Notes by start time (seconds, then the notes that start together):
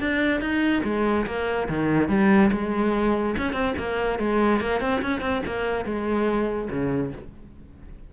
0.00 D4
0.41 D#4
0.84 G#3
1.26 A#3
1.69 D#3
2.09 G3
2.52 G#3
3.38 C#4
3.53 C4
3.78 A#3
4.19 G#3
4.61 A#3
4.81 C4
5.02 C#4
5.21 C4
5.46 A#3
5.85 G#3
6.70 C#3